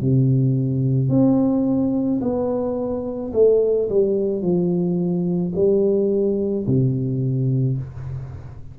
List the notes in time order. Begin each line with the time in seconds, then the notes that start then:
0.00 C3
1.09 C4
2.21 B3
3.33 A3
3.89 G3
4.41 F3
5.55 G3
6.67 C3